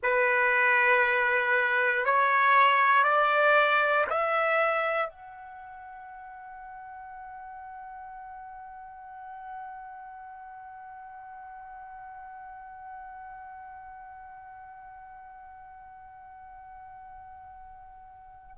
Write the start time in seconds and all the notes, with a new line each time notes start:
0.02 B4
2.05 C#5
3.03 D5
4.10 E5
5.09 F#5